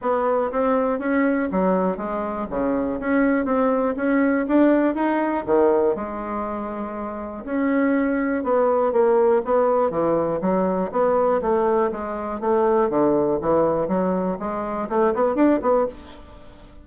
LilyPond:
\new Staff \with { instrumentName = "bassoon" } { \time 4/4 \tempo 4 = 121 b4 c'4 cis'4 fis4 | gis4 cis4 cis'4 c'4 | cis'4 d'4 dis'4 dis4 | gis2. cis'4~ |
cis'4 b4 ais4 b4 | e4 fis4 b4 a4 | gis4 a4 d4 e4 | fis4 gis4 a8 b8 d'8 b8 | }